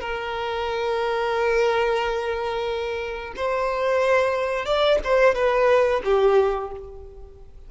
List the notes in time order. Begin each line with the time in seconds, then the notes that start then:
0.00 A#4
3.36 C5
4.65 D5
5.04 C5
5.35 B4
6.04 G4